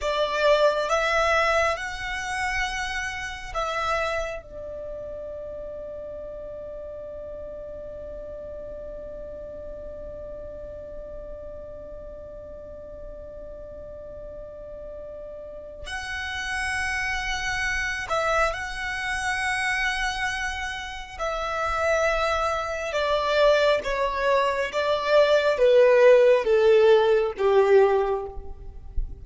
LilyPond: \new Staff \with { instrumentName = "violin" } { \time 4/4 \tempo 4 = 68 d''4 e''4 fis''2 | e''4 d''2.~ | d''1~ | d''1~ |
d''2 fis''2~ | fis''8 e''8 fis''2. | e''2 d''4 cis''4 | d''4 b'4 a'4 g'4 | }